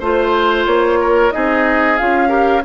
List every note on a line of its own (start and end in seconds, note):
0.00 0.66 A3
0.00 1.31 F4
0.00 0.99 C5
0.00 0.66 C5
0.66 1.32 A#3
0.66 1.31 C#5
1.00 1.33 A#4
1.31 2.00 C4
1.31 1.97 D#4
1.31 2.29 G#4
1.31 1.97 D#5
1.97 2.64 C#4
1.97 2.28 F4
1.97 2.63 F5
2.28 2.61 G4
2.28 2.62 A#4